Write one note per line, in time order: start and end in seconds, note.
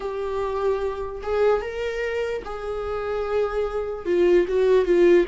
0.00 1.22 G4
1.22 1.61 G#4
1.61 2.42 A#4
2.44 4.05 G#4
4.05 4.46 F4
4.48 4.85 F#4
4.85 5.25 F4